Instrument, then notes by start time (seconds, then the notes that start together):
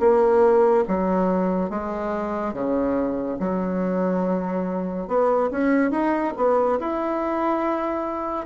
bassoon
0.00 A#3
0.88 F#3
1.71 G#3
2.54 C#3
3.40 F#3
5.08 B3
5.52 C#4
5.92 D#4
6.37 B3
6.80 E4